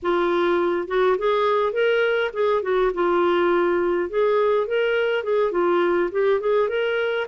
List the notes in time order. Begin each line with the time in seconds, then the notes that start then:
0.02 F4
0.87 F#4
1.18 G#4
1.72 A#4
2.33 G#4
2.62 F#4
2.94 F4
4.09 G#4
4.67 A#4
5.23 G#4
5.51 F4
6.11 G4
6.40 G#4
6.68 A#4